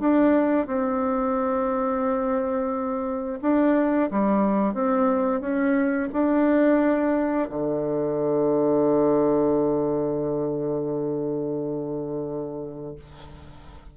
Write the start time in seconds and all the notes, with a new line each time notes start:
0.00 D4
0.67 C4
3.42 D4
4.11 G3
4.74 C4
5.41 C#4
6.13 D4
7.50 D3